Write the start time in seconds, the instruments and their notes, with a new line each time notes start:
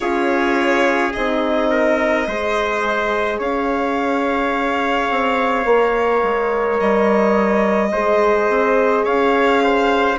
0.00 bassoon C#4, horn F4, trumpet G#4, violin C#5
1.12 bassoon C4, horn D#4, violin D#5
1.70 trumpet A#4
2.27 bassoon G#3, horn G#4, trumpet C5
3.38 bassoon C#4, trumpet C#5, violin F5
5.09 bassoon C4
5.65 bassoon A#3, horn A#4
6.22 bassoon G#3
6.79 bassoon G3, violin D#5
7.92 bassoon G#3, horn G#4, trumpet C5
8.48 bassoon C4
9.04 bassoon C#4, trumpet C#5, violin F5
9.63 trumpet C5